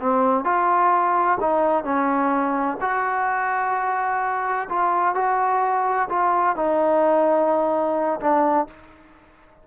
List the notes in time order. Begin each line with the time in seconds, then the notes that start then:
0.00 C4
0.44 F4
1.40 D#4
1.84 C#4
2.81 F#4
4.69 F4
5.15 F#4
6.09 F4
6.56 D#4
8.20 D4